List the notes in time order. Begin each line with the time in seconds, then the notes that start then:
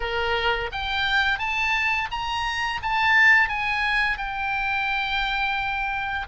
0.00 A#4
0.72 G5
1.38 A5
2.11 A#5
2.82 A5
3.49 G#5
4.17 G5